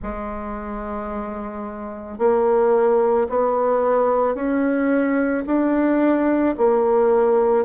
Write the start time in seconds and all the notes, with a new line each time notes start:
0.02 G#3
2.18 A#3
3.29 B3
4.34 C#4
5.46 D4
6.57 A#3